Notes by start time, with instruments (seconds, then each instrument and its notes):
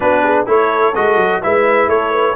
0.00 tuba B3, trombone D4, horn F#4, trumpet B4
0.23 horn G#4
0.46 tuba A3, trombone E4, horn A4, trumpet C#5
0.94 tuba G#3, trombone F#4, trumpet D#5
1.16 tuba F#3
1.42 tuba G#3, trombone E4, horn B4, trumpet E5
1.87 tuba A3, horn A4, trumpet C#5
2.11 horn B4